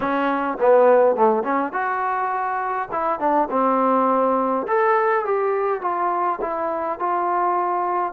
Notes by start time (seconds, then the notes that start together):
0.00 C#4
0.60 B3
1.16 A3
1.43 C#4
1.72 F#4
2.91 E4
3.19 D4
3.50 C4
4.67 A4
5.25 G4
5.81 F4
6.41 E4
6.99 F4